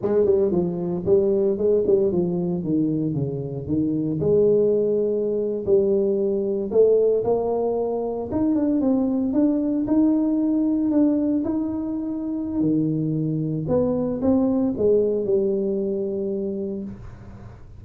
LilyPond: \new Staff \with { instrumentName = "tuba" } { \time 4/4 \tempo 4 = 114 gis8 g8 f4 g4 gis8 g8 | f4 dis4 cis4 dis4 | gis2~ gis8. g4~ g16~ | g8. a4 ais2 dis'16~ |
dis'16 d'8 c'4 d'4 dis'4~ dis'16~ | dis'8. d'4 dis'2~ dis'16 | dis2 b4 c'4 | gis4 g2. | }